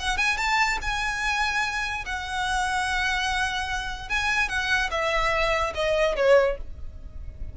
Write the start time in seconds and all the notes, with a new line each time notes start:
0.00 F#5
0.17 G#5
0.38 A5
0.82 G#5
2.06 F#5
4.09 G#5
4.49 F#5
4.91 E5
5.75 D#5
6.16 C#5